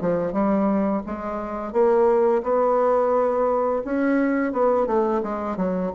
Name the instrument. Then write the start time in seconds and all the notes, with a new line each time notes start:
bassoon
0.00 F3
0.32 G3
1.06 G#3
1.72 A#3
2.43 B3
3.84 C#4
4.52 B3
4.86 A3
5.23 G#3
5.56 F#3